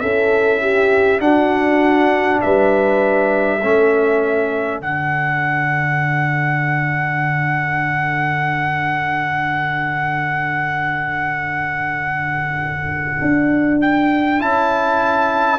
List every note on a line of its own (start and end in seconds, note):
0.00 1.20 C#4
0.00 1.20 E4
0.00 0.61 A4
0.00 1.20 E5
0.61 1.21 G4
1.20 2.40 D4
1.20 3.60 D4
1.20 2.42 F#4
1.20 2.41 F#5
2.41 3.63 G3
2.41 3.60 B4
2.41 4.81 E5
3.60 4.80 A3
3.60 4.82 C#4
3.60 15.59 A4
4.80 13.20 D3
4.80 14.39 D4
4.80 13.81 F#5
13.21 14.42 D4
13.81 14.41 G5
14.39 15.59 C#4
14.39 15.59 E4
14.39 15.59 A5